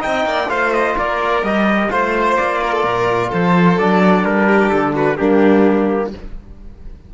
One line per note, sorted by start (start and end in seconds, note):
0.00 0.47 D#4
0.00 0.26 D#5
0.00 0.50 G5
0.06 0.26 C4
0.26 0.49 A#3
0.26 0.50 D5
0.49 0.96 A3
0.49 1.43 F4
0.49 0.97 C5
0.49 0.73 F5
0.73 0.97 D#5
0.97 1.43 A#3
0.97 1.90 A#4
0.97 1.44 D5
1.43 1.90 G3
1.43 1.90 G4
1.43 1.91 D#5
1.90 2.38 A3
1.90 3.77 F4
1.90 2.37 C5
1.90 2.62 C5
2.37 2.84 A#3
2.37 3.31 D5
2.62 2.73 A#4
2.73 2.84 A4
2.84 3.31 A#2
2.84 3.29 A#4
3.29 3.78 F3
3.29 4.47 A4
3.29 3.79 C5
3.78 4.24 F#3
3.78 5.18 D4
3.78 4.25 D5
4.24 4.71 G3
4.24 4.69 A#4
4.47 4.94 G4
4.69 5.20 D3
4.69 4.93 A4
4.95 5.18 F#4
4.95 5.17 B4
5.17 6.14 G3
5.17 6.12 A#3
5.17 6.13 D4
5.17 6.11 G4